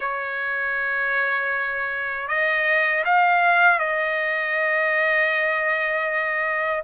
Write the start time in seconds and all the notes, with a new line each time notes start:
0.00 C#5
2.28 D#5
3.04 F5
3.79 D#5